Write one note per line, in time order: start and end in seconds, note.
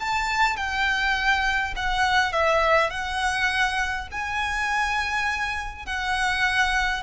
0.00 0.57 A5
0.57 1.74 G5
1.76 2.33 F#5
2.33 2.91 E5
2.91 4.08 F#5
4.12 5.86 G#5
5.86 7.03 F#5